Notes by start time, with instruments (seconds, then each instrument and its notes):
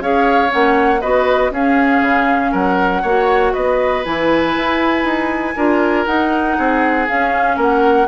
0.00 bassoon C#4, clarinet G#4, oboe C#5, flute F5
0.48 bassoon A#3, clarinet C#4, flute F#5
1.01 bassoon B3, clarinet F#4, oboe B4, flute D#5
1.51 bassoon C#4, clarinet C#4, oboe G#4, flute F5
2.01 bassoon C#3
2.51 bassoon F#3, oboe A#4, flute F#5
3.02 bassoon A#3, clarinet F#4, oboe C#5
3.53 bassoon B3, oboe B4, flute D#5
4.04 bassoon E3, clarinet E4, flute G#5
4.56 bassoon E4
5.04 bassoon D#4
5.56 bassoon D4, clarinet F4, oboe A#4
6.06 clarinet D#4, bassoon D#4, flute F#5
6.58 bassoon C4, oboe G#4
7.07 clarinet C#4, bassoon C#4, flute F5
7.57 bassoon A#3, oboe A#4, flute F#5